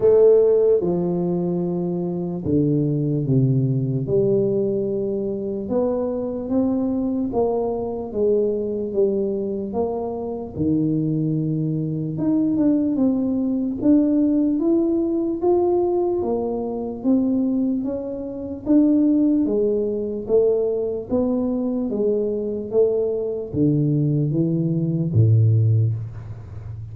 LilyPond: \new Staff \with { instrumentName = "tuba" } { \time 4/4 \tempo 4 = 74 a4 f2 d4 | c4 g2 b4 | c'4 ais4 gis4 g4 | ais4 dis2 dis'8 d'8 |
c'4 d'4 e'4 f'4 | ais4 c'4 cis'4 d'4 | gis4 a4 b4 gis4 | a4 d4 e4 a,4 | }